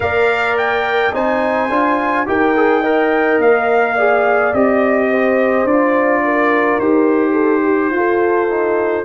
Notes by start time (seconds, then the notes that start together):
0.00 A#3 A#4 D5 F5
0.57 G5
1.12 C4 D#4 C5 G#5
1.69 D4 F4
2.26 D#4 G4 A#4 G5
2.56 G#4
2.81 A#4 D#5
3.38 A#3 F5
3.95 G#4 D5
4.53 C4 G4 D#5
5.09 C5
5.63 D4 F4 D5
6.24 A#4
6.79 D#4 G4 C5
7.32 A4
7.63 G4
7.90 F4 A4
8.49 D#4